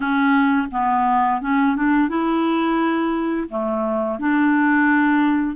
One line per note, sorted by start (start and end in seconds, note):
0.00 0.67 C#4
0.71 1.41 B3
1.41 1.75 C#4
1.75 2.09 D4
2.09 3.48 E4
3.49 4.19 A3
4.19 5.56 D4